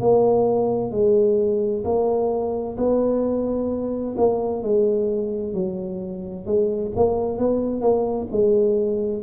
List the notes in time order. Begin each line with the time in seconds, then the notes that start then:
0.00 A#3
0.91 G#3
1.84 A#3
2.77 B3
4.17 A#3
4.62 G#3
5.53 F#3
6.45 G#3
6.96 A#3
7.38 B3
7.81 A#3
8.31 G#3